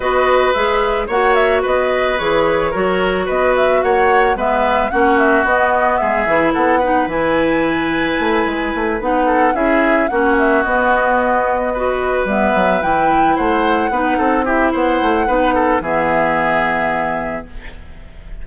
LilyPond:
<<
  \new Staff \with { instrumentName = "flute" } { \time 4/4 \tempo 4 = 110 dis''4 e''4 fis''8 e''8 dis''4 | cis''2 dis''8 e''8 fis''4 | e''4 fis''8 e''8 dis''4 e''4 | fis''4 gis''2.~ |
gis''8 fis''4 e''4 fis''8 e''8 dis''8~ | dis''2~ dis''8 e''4 g''8~ | g''8 fis''2 e''8 fis''4~ | fis''4 e''2. | }
  \new Staff \with { instrumentName = "oboe" } { \time 4/4 b'2 cis''4 b'4~ | b'4 ais'4 b'4 cis''4 | b'4 fis'2 gis'4 | a'8 b'2.~ b'8~ |
b'4 a'8 gis'4 fis'4.~ | fis'4. b'2~ b'8~ | b'8 c''4 b'8 a'8 g'8 c''4 | b'8 a'8 gis'2. | }
  \new Staff \with { instrumentName = "clarinet" } { \time 4/4 fis'4 gis'4 fis'2 | gis'4 fis'2. | b4 cis'4 b4. e'8~ | e'8 dis'8 e'2.~ |
e'8 dis'4 e'4 cis'4 b8~ | b4. fis'4 b4 e'8~ | e'4. dis'4 e'4. | dis'4 b2. | }
  \new Staff \with { instrumentName = "bassoon" } { \time 4/4 b4 gis4 ais4 b4 | e4 fis4 b4 ais4 | gis4 ais4 b4 gis8 e8 | b4 e2 a8 gis8 |
a8 b4 cis'4 ais4 b8~ | b2~ b8 g8 fis8 e8~ | e8 a4 b8 c'4 b8 a8 | b4 e2. | }
>>